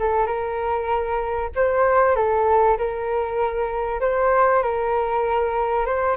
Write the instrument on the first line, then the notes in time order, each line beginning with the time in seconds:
flute
0.00 A4
0.27 A#4
1.56 C5
2.16 A4
2.78 A#4
4.01 C5
4.63 A#4
5.86 C5